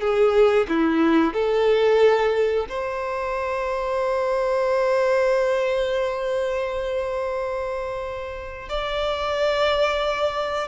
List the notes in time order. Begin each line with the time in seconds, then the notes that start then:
0.00 G#4
0.69 E4
1.33 A4
2.69 C5
8.69 D5